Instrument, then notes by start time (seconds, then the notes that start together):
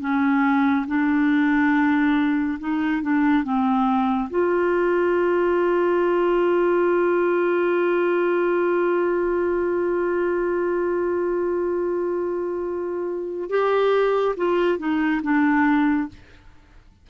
clarinet
0.00 C#4
0.87 D4
2.59 D#4
3.02 D4
3.43 C4
4.29 F4
13.49 G4
14.36 F4
14.78 D#4
15.22 D4